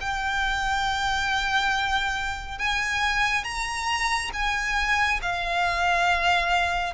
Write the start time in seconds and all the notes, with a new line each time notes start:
0.00 G5
2.58 G#5
3.44 A#5
4.33 G#5
5.22 F5